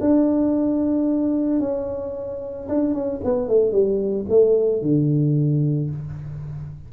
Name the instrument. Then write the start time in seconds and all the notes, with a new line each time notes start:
tuba
0.00 D4
1.60 C#4
2.69 D4
2.94 C#4
3.24 B3
3.48 A3
3.72 G3
4.29 A3
4.82 D3